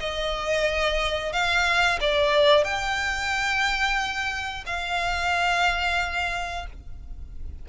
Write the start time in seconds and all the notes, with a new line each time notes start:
0.00 D#5
1.33 F5
2.01 D5
2.65 G5
4.66 F5